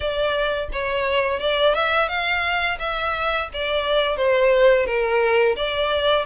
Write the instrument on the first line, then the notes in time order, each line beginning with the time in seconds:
violin
0.00 D5
0.72 C#5
1.40 D5
1.74 E5
2.08 F5
2.79 E5
3.53 D5
4.17 C5
4.86 A#4
5.56 D5